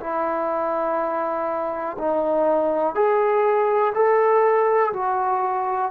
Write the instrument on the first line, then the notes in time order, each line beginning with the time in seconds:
trombone
0.00 E4
1.98 D#4
2.95 G#4
3.94 A4
4.93 F#4